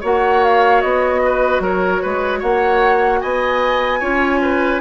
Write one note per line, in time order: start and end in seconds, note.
0.00 0.83 A#3
0.00 4.02 F#4
0.00 1.20 C#5
0.00 0.44 F#5
0.44 0.81 F5
0.81 1.60 B3
0.81 1.61 D#5
1.24 1.62 B4
1.60 2.00 F#3
1.60 2.02 A#4
1.60 2.42 C#5
2.02 2.42 G#3
2.02 2.39 B4
2.39 3.22 A#3
2.39 3.19 C#5
2.39 3.20 F#5
3.20 4.01 B3
3.20 3.99 D#5
3.20 4.80 G#5
3.99 4.80 C#4
3.99 4.80 F4
3.99 4.39 C#5
4.41 4.80 B4